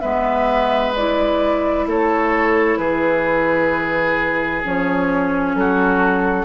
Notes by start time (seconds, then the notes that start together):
0.00 G#3 B3 B4 E5
0.95 E4 D5
1.86 A3 A4 C#5
2.78 E3 G#4 B4
4.64 F3 C#4 C#5
5.55 F#3 F#4 A4